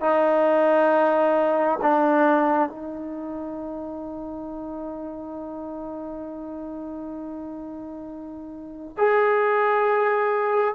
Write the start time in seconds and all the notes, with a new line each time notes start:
0.00 D#4
1.81 D4
2.69 D#4
8.97 G#4